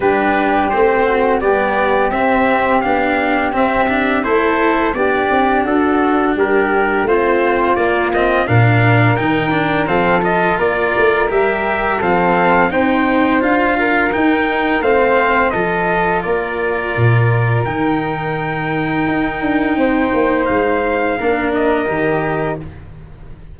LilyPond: <<
  \new Staff \with { instrumentName = "trumpet" } { \time 4/4 \tempo 4 = 85 b'4 c''4 d''4 e''4 | f''4 e''4 c''4 d''4 | a'4 ais'4 c''4 d''8 dis''8 | f''4 g''4 f''8 dis''8 d''4 |
e''4 f''4 g''4 f''4 | g''4 f''4 dis''4 d''4~ | d''4 g''2.~ | g''4 f''4. dis''4. | }
  \new Staff \with { instrumentName = "flute" } { \time 4/4 g'4. fis'8 g'2~ | g'2 a'4 g'4 | fis'4 g'4 f'2 | ais'2 a'4 ais'4~ |
ais'4 a'4 c''4. ais'8~ | ais'4 c''4 a'4 ais'4~ | ais'1 | c''2 ais'2 | }
  \new Staff \with { instrumentName = "cello" } { \time 4/4 d'4 c'4 b4 c'4 | d'4 c'8 d'8 e'4 d'4~ | d'2 c'4 ais8 c'8 | d'4 dis'8 d'8 c'8 f'4. |
g'4 c'4 dis'4 f'4 | dis'4 c'4 f'2~ | f'4 dis'2.~ | dis'2 d'4 g'4 | }
  \new Staff \with { instrumentName = "tuba" } { \time 4/4 g4 a4 g4 c'4 | b4 c'4 a4 b8 c'8 | d'4 g4 a4 ais4 | ais,4 dis4 f4 ais8 a8 |
g4 f4 c'4 d'4 | dis'4 a4 f4 ais4 | ais,4 dis2 dis'8 d'8 | c'8 ais8 gis4 ais4 dis4 | }
>>